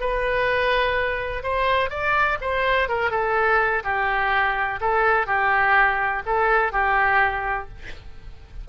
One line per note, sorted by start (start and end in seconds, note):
0.00 1.43 B4
1.43 1.90 C5
1.90 2.38 D5
2.41 2.89 C5
2.89 3.11 A#4
3.11 3.83 A4
3.84 4.80 G4
4.81 5.26 A4
5.26 6.22 G4
6.26 6.72 A4
6.72 7.68 G4